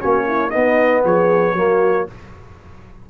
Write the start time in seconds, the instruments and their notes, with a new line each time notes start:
0.00 tuba A#3, trombone C#4, horn F#4, trumpet C#5
0.27 horn E4
0.50 trombone B3, tuba B3, horn D#4, trumpet D#5
1.04 tuba F3, horn G#4, trumpet C#5
1.54 tuba F#3, trombone A#3, horn F#4